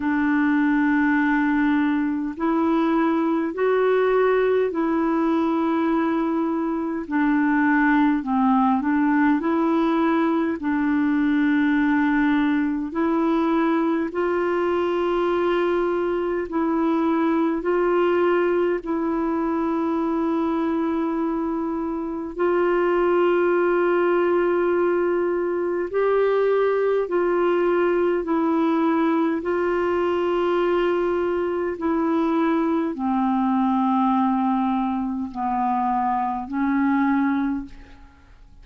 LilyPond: \new Staff \with { instrumentName = "clarinet" } { \time 4/4 \tempo 4 = 51 d'2 e'4 fis'4 | e'2 d'4 c'8 d'8 | e'4 d'2 e'4 | f'2 e'4 f'4 |
e'2. f'4~ | f'2 g'4 f'4 | e'4 f'2 e'4 | c'2 b4 cis'4 | }